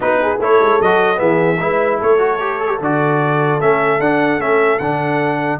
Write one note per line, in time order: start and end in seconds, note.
0.00 0.39 B3
0.00 0.38 D#4
0.00 0.19 F#4
0.00 0.41 B4
0.21 0.41 G#4
0.39 0.59 A3
0.39 0.81 E4
0.39 1.19 A4
0.39 0.81 C#5
0.60 0.80 G#3
0.80 1.20 F#3
0.80 1.15 F#4
0.80 1.19 D#5
1.15 1.60 E3
1.15 1.55 B3
1.15 1.59 G#4
1.15 1.99 E5
1.60 2.00 G#3
1.60 2.18 E4
1.60 1.99 B4
1.99 2.80 A3
1.99 5.59 A4
1.99 2.81 C#5
2.18 2.38 F#4
2.40 2.60 G4
2.60 2.67 A4
2.67 2.77 G4
2.80 3.60 D3
2.80 3.60 F#4
2.80 3.60 D5
3.60 3.99 A3
3.60 4.00 C#4
3.60 4.00 E5
3.99 4.38 D4
3.99 4.39 D4
3.99 4.40 F#5
4.38 4.78 A3
4.38 4.79 C#4
4.38 4.78 E5
4.78 5.59 D3
4.78 5.59 D4
4.78 5.58 F#5